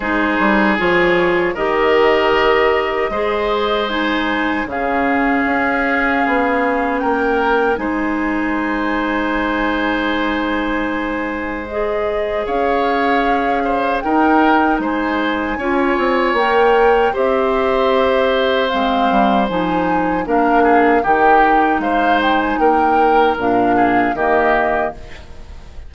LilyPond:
<<
  \new Staff \with { instrumentName = "flute" } { \time 4/4 \tempo 4 = 77 c''4 cis''4 dis''2~ | dis''4 gis''4 f''2~ | f''4 g''4 gis''2~ | gis''2. dis''4 |
f''2 g''4 gis''4~ | gis''4 g''4 e''2 | f''4 gis''4 f''4 g''4 | f''8 g''16 gis''16 g''4 f''4 dis''4 | }
  \new Staff \with { instrumentName = "oboe" } { \time 4/4 gis'2 ais'2 | c''2 gis'2~ | gis'4 ais'4 c''2~ | c''1 |
cis''4. c''8 ais'4 c''4 | cis''2 c''2~ | c''2 ais'8 gis'8 g'4 | c''4 ais'4. gis'8 g'4 | }
  \new Staff \with { instrumentName = "clarinet" } { \time 4/4 dis'4 f'4 g'2 | gis'4 dis'4 cis'2~ | cis'2 dis'2~ | dis'2. gis'4~ |
gis'2 dis'2 | f'4 ais'4 g'2 | c'4 dis'4 d'4 dis'4~ | dis'2 d'4 ais4 | }
  \new Staff \with { instrumentName = "bassoon" } { \time 4/4 gis8 g8 f4 dis2 | gis2 cis4 cis'4 | b4 ais4 gis2~ | gis1 |
cis'2 dis'4 gis4 | cis'8 c'8 ais4 c'2 | gis8 g8 f4 ais4 dis4 | gis4 ais4 ais,4 dis4 | }
>>